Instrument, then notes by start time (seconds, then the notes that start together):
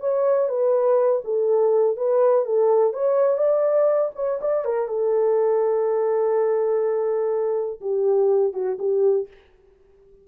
horn
0.00 C#5
0.49 B4
1.24 A4
1.97 B4
2.45 A4
2.93 C#5
3.38 D5
4.16 C#5
4.41 D5
4.65 A#4
4.88 A4
7.81 G4
8.53 F#4
8.79 G4